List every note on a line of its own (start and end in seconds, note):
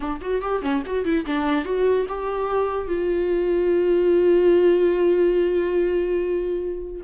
0.00 0.20 D4
0.21 0.41 F#4
0.41 0.62 G4
0.62 0.82 C#4
0.85 1.04 F#4
1.04 1.25 E4
1.26 1.65 D4
1.65 2.06 F#4
2.08 2.87 G4
2.87 7.01 F4